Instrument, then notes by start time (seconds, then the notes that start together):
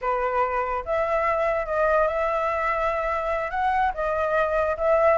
flute
0.01 B4
0.85 E5
1.66 D#5
2.07 E5
3.50 F#5
3.94 D#5
4.77 E5